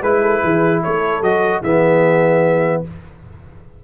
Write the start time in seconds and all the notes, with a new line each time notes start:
0.00 G#3 E4 B4
0.21 A4
0.43 E3 G#4
0.82 A3 A4 C#5
1.21 F#3 F#4 D#5
1.61 E3 B3 G#4 E5